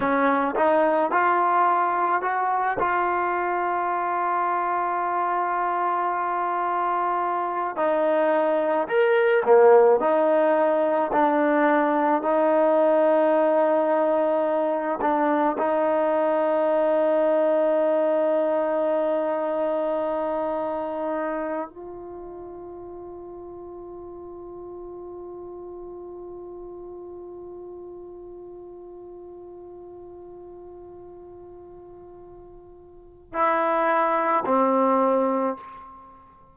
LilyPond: \new Staff \with { instrumentName = "trombone" } { \time 4/4 \tempo 4 = 54 cis'8 dis'8 f'4 fis'8 f'4.~ | f'2. dis'4 | ais'8 ais8 dis'4 d'4 dis'4~ | dis'4. d'8 dis'2~ |
dis'2.~ dis'8 f'8~ | f'1~ | f'1~ | f'2 e'4 c'4 | }